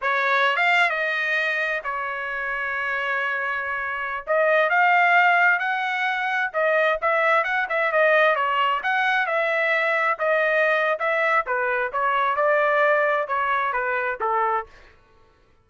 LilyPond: \new Staff \with { instrumentName = "trumpet" } { \time 4/4 \tempo 4 = 131 cis''4~ cis''16 f''8. dis''2 | cis''1~ | cis''4~ cis''16 dis''4 f''4.~ f''16~ | f''16 fis''2 dis''4 e''8.~ |
e''16 fis''8 e''8 dis''4 cis''4 fis''8.~ | fis''16 e''2 dis''4.~ dis''16 | e''4 b'4 cis''4 d''4~ | d''4 cis''4 b'4 a'4 | }